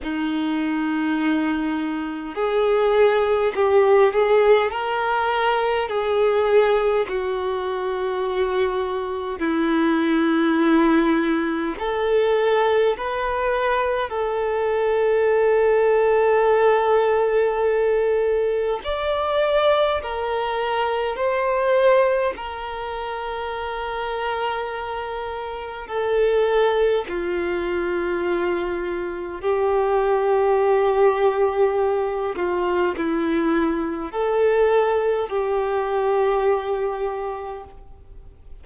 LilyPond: \new Staff \with { instrumentName = "violin" } { \time 4/4 \tempo 4 = 51 dis'2 gis'4 g'8 gis'8 | ais'4 gis'4 fis'2 | e'2 a'4 b'4 | a'1 |
d''4 ais'4 c''4 ais'4~ | ais'2 a'4 f'4~ | f'4 g'2~ g'8 f'8 | e'4 a'4 g'2 | }